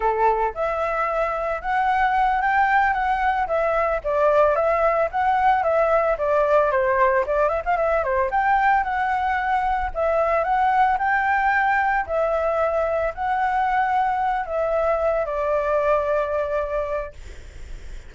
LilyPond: \new Staff \with { instrumentName = "flute" } { \time 4/4 \tempo 4 = 112 a'4 e''2 fis''4~ | fis''8 g''4 fis''4 e''4 d''8~ | d''8 e''4 fis''4 e''4 d''8~ | d''8 c''4 d''8 e''16 f''16 e''8 c''8 g''8~ |
g''8 fis''2 e''4 fis''8~ | fis''8 g''2 e''4.~ | e''8 fis''2~ fis''8 e''4~ | e''8 d''2.~ d''8 | }